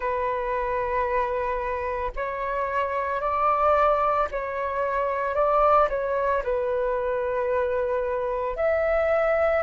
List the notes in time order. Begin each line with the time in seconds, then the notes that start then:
0.00 B4
2.16 C#5
3.20 D5
4.31 C#5
5.35 D5
5.89 C#5
6.43 B4
8.56 E5